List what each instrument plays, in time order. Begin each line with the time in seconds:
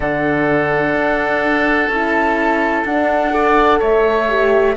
0.00 cello D3, horn D4, oboe A4, flute F#5
0.94 cello D4
1.88 cello C#4, horn E4, flute A5
2.84 cello D4, horn D4, flute F#5
3.30 horn A4, oboe D5
3.79 cello A3, oboe C#5, flute E5
4.28 horn G4